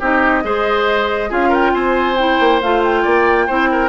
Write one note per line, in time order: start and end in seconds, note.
0.00 0.44 C4
0.00 0.43 D#4
0.00 0.43 G4
0.00 1.33 D#5
0.43 1.31 G#3
0.43 1.29 G#4
0.43 1.30 C5
1.29 1.74 C#4
1.29 2.16 F4
1.29 1.49 G#4
1.29 1.54 F5
1.49 1.71 A#4
1.49 1.74 G5
1.74 2.39 C4
1.74 3.02 C5
1.74 2.17 G#5
2.17 2.62 E4
2.17 2.61 G5
2.40 2.62 A#3
2.61 3.05 A3
2.61 3.49 F4
2.61 2.83 F5
2.84 3.89 G5
3.02 3.49 A#3
3.02 3.46 D5
3.47 3.89 C4
3.47 3.89 E4
3.47 3.69 C5
3.72 3.89 A#4